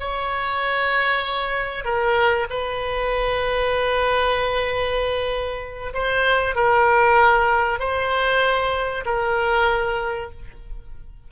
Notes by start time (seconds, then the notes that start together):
0.00 C#5
1.85 A#4
2.50 B4
5.94 C5
6.56 A#4
7.80 C5
9.05 A#4